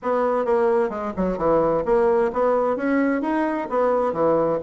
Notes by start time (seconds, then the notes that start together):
0.02 B3
0.45 A#3
0.89 G#3
1.16 F#3
1.37 E3
1.85 A#3
2.32 B3
2.76 C#4
3.21 D#4
3.69 B3
4.12 E3